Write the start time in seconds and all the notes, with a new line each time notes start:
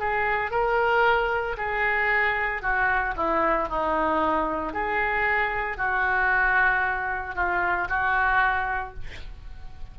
0.00 G#4
0.51 A#4
1.58 G#4
2.62 F#4
3.17 E4
3.69 D#4
4.74 G#4
5.78 F#4
7.36 F4
7.89 F#4